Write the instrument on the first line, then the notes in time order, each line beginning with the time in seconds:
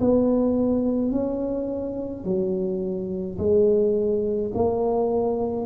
tuba
0.00 B3
1.12 C#4
2.24 F#3
3.38 G#3
4.54 A#3